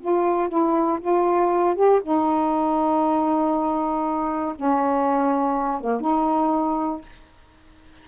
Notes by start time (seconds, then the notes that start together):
0.00 F4
0.48 E4
1.00 F4
1.75 G4
2.03 D#4
4.55 C#4
5.81 A#3
6.00 D#4